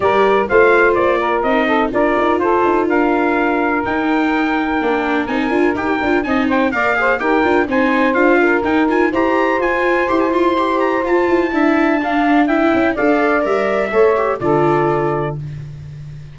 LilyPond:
<<
  \new Staff \with { instrumentName = "trumpet" } { \time 4/4 \tempo 4 = 125 d''4 f''4 d''4 dis''4 | d''4 c''4 f''2 | g''2. gis''4 | g''4 gis''8 g''8 f''4 g''4 |
gis''4 f''4 g''8 gis''8 ais''4 | gis''4 c'''16 gis''16 c'''4 ais''8 a''4~ | a''2 g''4 f''4 | e''2 d''2 | }
  \new Staff \with { instrumentName = "saxophone" } { \time 4/4 ais'4 c''4. ais'4 a'8 | ais'4 a'4 ais'2~ | ais'1~ | ais'4 dis''8 c''8 d''8 c''8 ais'4 |
c''4. ais'4. c''4~ | c''1 | e''4 f''4 e''4 d''4~ | d''4 cis''4 a'2 | }
  \new Staff \with { instrumentName = "viola" } { \time 4/4 g'4 f'2 dis'4 | f'1 | dis'2 d'4 dis'8 f'8 | g'8 f'8 dis'4 ais'8 gis'8 g'8 f'8 |
dis'4 f'4 dis'8 f'8 g'4 | f'4 g'8 f'8 g'4 f'4 | e'4 d'4 e'4 a'4 | ais'4 a'8 g'8 f'2 | }
  \new Staff \with { instrumentName = "tuba" } { \time 4/4 g4 a4 ais4 c'4 | d'8 dis'8 f'8 dis'8 d'2 | dis'2 ais4 c'8 d'8 | dis'8 d'8 c'4 ais4 dis'8 d'8 |
c'4 d'4 dis'4 e'4 | f'4 e'2 f'8 e'8 | d'2~ d'8 cis'8 d'4 | g4 a4 d2 | }
>>